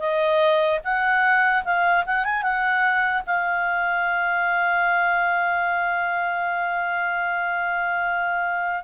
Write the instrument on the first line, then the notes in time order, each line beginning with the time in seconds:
clarinet
0.00 D#5
0.84 F#5
1.65 F5
2.06 F#5
2.25 G#5
2.43 F#5
3.27 F5